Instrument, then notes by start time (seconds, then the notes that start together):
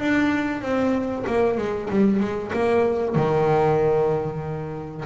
double bass
0.00 D4
0.62 C4
1.27 A#3
1.58 G#3
1.90 G3
2.20 G#3
2.53 A#3
3.16 D#3